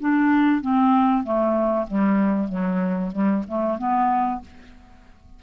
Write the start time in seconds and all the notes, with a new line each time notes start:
0.00 D4
0.61 C4
1.24 A3
1.87 G3
2.48 F#3
3.11 G3
3.48 A3
3.78 B3